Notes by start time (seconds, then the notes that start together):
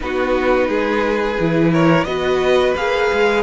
0.00 B3 D#4 F#4 B4
0.68 G#3 G#4
1.39 E3 E4
1.71 A#4 C#5
2.04 B3 F#4 B4 D#5
2.76 A#3 G#4 F5
3.12 G#3